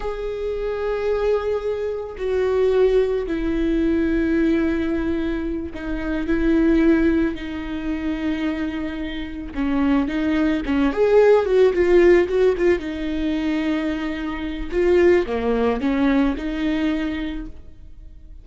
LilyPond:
\new Staff \with { instrumentName = "viola" } { \time 4/4 \tempo 4 = 110 gis'1 | fis'2 e'2~ | e'2~ e'8 dis'4 e'8~ | e'4. dis'2~ dis'8~ |
dis'4. cis'4 dis'4 cis'8 | gis'4 fis'8 f'4 fis'8 f'8 dis'8~ | dis'2. f'4 | ais4 cis'4 dis'2 | }